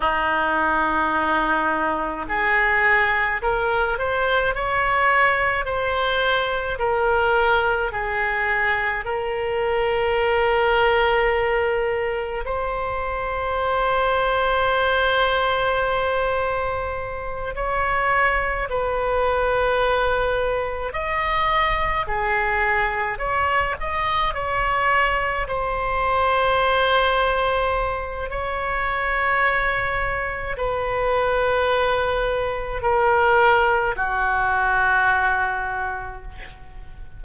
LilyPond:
\new Staff \with { instrumentName = "oboe" } { \time 4/4 \tempo 4 = 53 dis'2 gis'4 ais'8 c''8 | cis''4 c''4 ais'4 gis'4 | ais'2. c''4~ | c''2.~ c''8 cis''8~ |
cis''8 b'2 dis''4 gis'8~ | gis'8 cis''8 dis''8 cis''4 c''4.~ | c''4 cis''2 b'4~ | b'4 ais'4 fis'2 | }